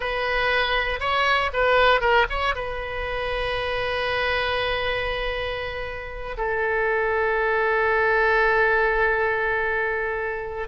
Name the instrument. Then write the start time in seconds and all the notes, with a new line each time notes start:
oboe
0.00 B4
0.99 C#5
1.53 B4
2.00 A#4
2.29 C#5
2.55 B4
6.37 A4